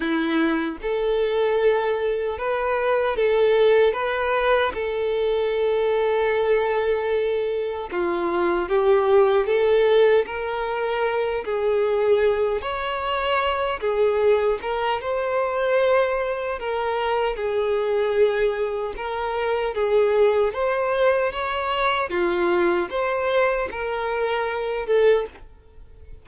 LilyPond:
\new Staff \with { instrumentName = "violin" } { \time 4/4 \tempo 4 = 76 e'4 a'2 b'4 | a'4 b'4 a'2~ | a'2 f'4 g'4 | a'4 ais'4. gis'4. |
cis''4. gis'4 ais'8 c''4~ | c''4 ais'4 gis'2 | ais'4 gis'4 c''4 cis''4 | f'4 c''4 ais'4. a'8 | }